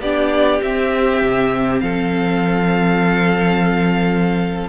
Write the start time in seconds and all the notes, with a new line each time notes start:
0.00 B3 D4 G4 D5
0.63 C4 E5
1.22 C3
1.80 F3 A4 F5